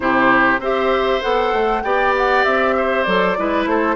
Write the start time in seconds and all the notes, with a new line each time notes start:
0.00 C3 E4 G4 C5
0.59 C4 G4 C5 E5
1.21 B3 A4 F#5
1.52 A3
1.83 B3 G4 D5 G5
2.17 F#5
2.44 C4 E5
2.76 C5
3.03 F#3 A4 D5
3.37 G#3 E4 B4
3.65 A3 A4 C5